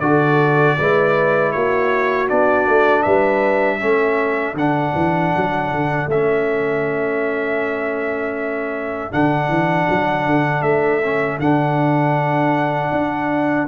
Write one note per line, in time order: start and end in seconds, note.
0.00 0.77 D3
0.00 0.78 F#4
0.00 0.77 A4
0.00 1.52 D5
0.78 1.55 G#3
0.78 2.28 E4
0.78 1.53 B4
1.52 2.31 A#3
1.52 3.04 F#4
1.52 2.28 C#5
2.28 2.67 B3
2.28 3.80 D4
2.28 3.03 D5
2.67 3.05 A3
3.03 3.82 G3
3.03 3.79 B4
3.03 4.55 E5
3.79 4.54 A3
3.79 4.56 C#4
3.79 13.67 A4
4.54 4.92 D3
4.54 6.10 D4
4.54 6.10 F#5
4.95 5.33 E3
5.36 5.71 F#3
5.71 6.07 D3
6.07 9.10 A3
6.07 9.12 C#4
6.07 9.13 E5
9.12 9.49 D3
9.12 11.01 D4
9.12 10.62 F#5
9.49 9.87 E3
9.89 10.26 F#3
10.26 10.62 D3
10.62 11.38 A3
10.62 11.38 E5
11.03 11.41 C#4
11.39 12.91 D3
11.39 13.68 D4
11.39 13.68 F#5
12.92 13.68 D4